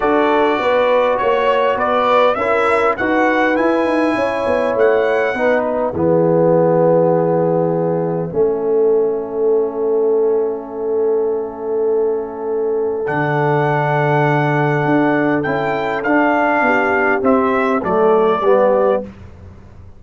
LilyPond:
<<
  \new Staff \with { instrumentName = "trumpet" } { \time 4/4 \tempo 4 = 101 d''2 cis''4 d''4 | e''4 fis''4 gis''2 | fis''4. e''2~ e''8~ | e''1~ |
e''1~ | e''2 fis''2~ | fis''2 g''4 f''4~ | f''4 e''4 d''2 | }
  \new Staff \with { instrumentName = "horn" } { \time 4/4 a'4 b'4 cis''4 b'4 | ais'4 b'2 cis''4~ | cis''4 b'4 gis'2~ | gis'2 a'2~ |
a'1~ | a'1~ | a'1 | g'2 a'4 g'4 | }
  \new Staff \with { instrumentName = "trombone" } { \time 4/4 fis'1 | e'4 fis'4 e'2~ | e'4 dis'4 b2~ | b2 cis'2~ |
cis'1~ | cis'2 d'2~ | d'2 e'4 d'4~ | d'4 c'4 a4 b4 | }
  \new Staff \with { instrumentName = "tuba" } { \time 4/4 d'4 b4 ais4 b4 | cis'4 dis'4 e'8 dis'8 cis'8 b8 | a4 b4 e2~ | e2 a2~ |
a1~ | a2 d2~ | d4 d'4 cis'4 d'4 | b4 c'4 fis4 g4 | }
>>